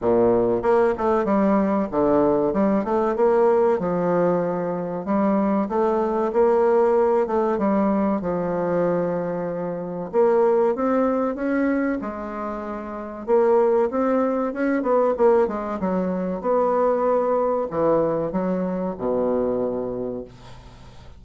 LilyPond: \new Staff \with { instrumentName = "bassoon" } { \time 4/4 \tempo 4 = 95 ais,4 ais8 a8 g4 d4 | g8 a8 ais4 f2 | g4 a4 ais4. a8 | g4 f2. |
ais4 c'4 cis'4 gis4~ | gis4 ais4 c'4 cis'8 b8 | ais8 gis8 fis4 b2 | e4 fis4 b,2 | }